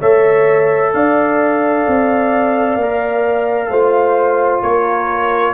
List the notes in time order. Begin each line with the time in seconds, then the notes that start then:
0.00 A3 A4 C#5 E5
0.94 D4 D5 F5
1.88 C4
2.76 A#3 A#4
3.70 A3 F4 C5
4.62 A#3 A#4 C#5